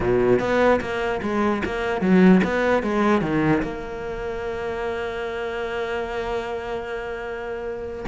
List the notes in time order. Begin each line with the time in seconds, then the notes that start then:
0.00 B2
0.39 B3
0.80 A#3
1.22 G#3
1.65 A#3
2.01 F#3
2.44 B3
2.82 G#3
3.21 D#3
3.62 A#3